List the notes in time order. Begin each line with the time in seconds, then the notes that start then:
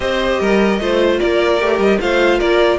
0.00 C4 G4 C5 D#5
0.40 G3 A#4
0.79 A3 F4 C5
1.18 A#3 A#4 D5
1.60 A3 G4
1.78 G3 D#5
2.00 A3 F4 C5 F5
2.38 A#3 A#4 D5